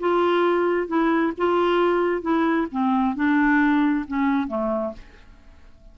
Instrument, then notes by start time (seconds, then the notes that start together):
clarinet
0.00 F4
0.88 E4
1.37 F4
2.22 E4
2.71 C4
3.15 D4
4.08 C#4
4.48 A3